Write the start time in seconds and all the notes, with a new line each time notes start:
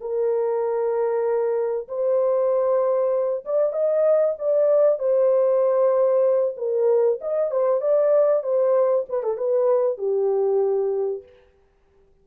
0.00 A#4
1.88 C5
3.45 D5
3.72 D#5
4.38 D5
4.99 C5
6.57 A#4
7.21 D#5
7.51 C5
7.80 D5
8.43 C5
9.09 B4
9.23 A4
9.37 B4
9.97 G4